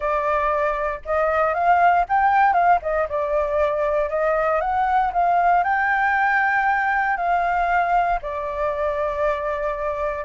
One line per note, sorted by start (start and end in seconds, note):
0.00 1.00 D5
1.05 1.53 D#5
1.53 2.05 F5
2.09 2.53 G5
2.53 2.79 F5
2.81 3.07 D#5
3.08 4.09 D5
4.09 4.60 D#5
4.60 5.12 F#5
5.13 5.63 F5
5.63 7.16 G5
7.16 8.19 F5
8.22 10.24 D5